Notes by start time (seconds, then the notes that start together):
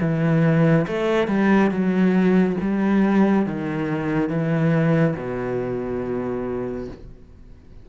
0.00 E3
0.87 A3
1.27 G3
1.70 F#3
2.61 G3
3.46 D#3
4.29 E3
5.16 B2